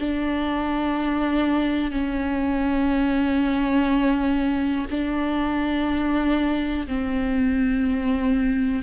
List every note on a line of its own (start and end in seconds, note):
0.00 1.91 D4
1.91 4.86 C#4
4.90 6.87 D4
6.88 8.83 C4